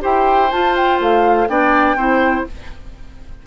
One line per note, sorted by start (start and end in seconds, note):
0.00 0.52 E4
0.00 0.49 G4
0.00 1.48 C5
0.00 0.52 G5
0.52 1.00 F4
0.52 1.48 F4
0.52 0.76 A5
0.76 1.01 G5
1.00 1.48 A3
1.00 1.48 F5
1.48 1.96 B3
1.48 1.97 D4
1.48 1.97 D5
1.48 2.46 G5
1.96 2.44 C4
1.96 2.47 E4
1.96 2.46 C5